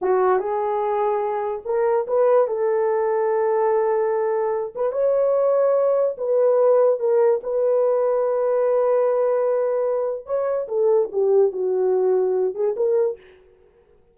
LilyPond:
\new Staff \with { instrumentName = "horn" } { \time 4/4 \tempo 4 = 146 fis'4 gis'2. | ais'4 b'4 a'2~ | a'2.~ a'8 b'8 | cis''2. b'4~ |
b'4 ais'4 b'2~ | b'1~ | b'4 cis''4 a'4 g'4 | fis'2~ fis'8 gis'8 ais'4 | }